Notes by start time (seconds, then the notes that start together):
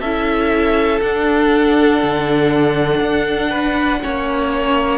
0.00 C#4 E4 A4 E5
1.01 D4 F#5
2.02 D3
3.00 D4
3.50 B4
4.02 A#3 C#4 C#5